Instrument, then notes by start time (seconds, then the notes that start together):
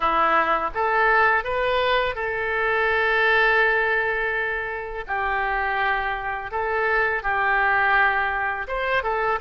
oboe
0.00 E4
0.74 A4
1.44 B4
2.15 A4
5.07 G4
6.51 A4
7.22 G4
8.67 C5
9.03 A4